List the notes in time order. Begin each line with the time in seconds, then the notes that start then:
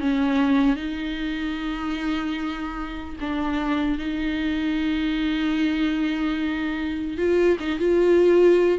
0.00 C#4
0.76 D#4
3.21 D4
3.99 D#4
7.18 F4
7.60 D#4
7.79 F4